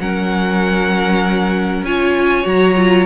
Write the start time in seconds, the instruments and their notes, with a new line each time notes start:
0.00 cello F#3, viola C#4, violin A#4 F#5
1.83 cello C#4, viola F4, violin C#5 G#5
2.43 cello F#3, viola F#4, violin A#5
2.77 viola F4